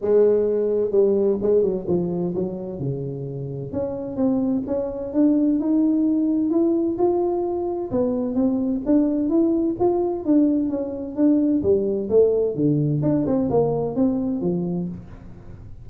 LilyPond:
\new Staff \with { instrumentName = "tuba" } { \time 4/4 \tempo 4 = 129 gis2 g4 gis8 fis8 | f4 fis4 cis2 | cis'4 c'4 cis'4 d'4 | dis'2 e'4 f'4~ |
f'4 b4 c'4 d'4 | e'4 f'4 d'4 cis'4 | d'4 g4 a4 d4 | d'8 c'8 ais4 c'4 f4 | }